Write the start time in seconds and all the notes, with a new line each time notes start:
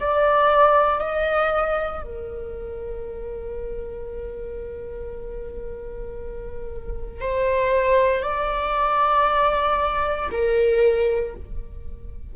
0.00 D5
1.00 D#5
2.04 A#4
7.21 C5
8.23 D5
10.31 A#4